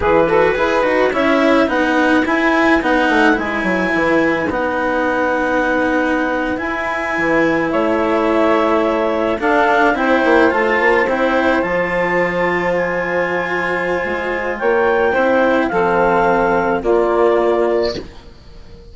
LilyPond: <<
  \new Staff \with { instrumentName = "clarinet" } { \time 4/4 \tempo 4 = 107 b'2 e''4 fis''4 | gis''4 fis''4 gis''2 | fis''2.~ fis''8. gis''16~ | gis''4.~ gis''16 e''2~ e''16~ |
e''8. f''4 g''4 a''4 g''16~ | g''8. a''2 gis''4~ gis''16~ | gis''2 g''2 | f''2 d''2 | }
  \new Staff \with { instrumentName = "saxophone" } { \time 4/4 gis'8 a'8 b'4 cis''4 b'4~ | b'1~ | b'1~ | b'4.~ b'16 cis''2~ cis''16~ |
cis''8. a'4 c''2~ c''16~ | c''1~ | c''2 cis''4 c''4 | a'2 f'2 | }
  \new Staff \with { instrumentName = "cello" } { \time 4/4 e'8 fis'8 gis'8 fis'8 e'4 dis'4 | e'4 dis'4 e'2 | dis'2.~ dis'8. e'16~ | e'1~ |
e'8. d'4 e'4 f'4 e'16~ | e'8. f'2.~ f'16~ | f'2. e'4 | c'2 ais2 | }
  \new Staff \with { instrumentName = "bassoon" } { \time 4/4 e4 e'8 dis'8 cis'4 b4 | e'4 b8 a8 gis8 fis8 e4 | b2.~ b8. e'16~ | e'8. e4 a2~ a16~ |
a8. d'4 c'8 ais8 a8 ais8 c'16~ | c'8. f2.~ f16~ | f4 gis4 ais4 c'4 | f2 ais2 | }
>>